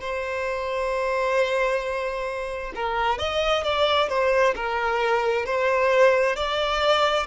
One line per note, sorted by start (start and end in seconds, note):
0.00 2.73 C5
2.75 3.18 A#4
3.18 3.63 D#5
3.63 4.09 D5
4.09 4.54 C5
4.55 5.45 A#4
5.45 6.36 C5
6.36 7.26 D5